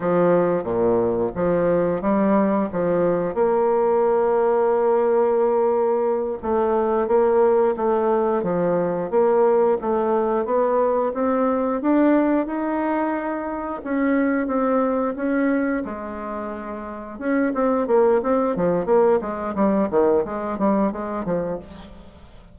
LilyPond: \new Staff \with { instrumentName = "bassoon" } { \time 4/4 \tempo 4 = 89 f4 ais,4 f4 g4 | f4 ais2.~ | ais4. a4 ais4 a8~ | a8 f4 ais4 a4 b8~ |
b8 c'4 d'4 dis'4.~ | dis'8 cis'4 c'4 cis'4 gis8~ | gis4. cis'8 c'8 ais8 c'8 f8 | ais8 gis8 g8 dis8 gis8 g8 gis8 f8 | }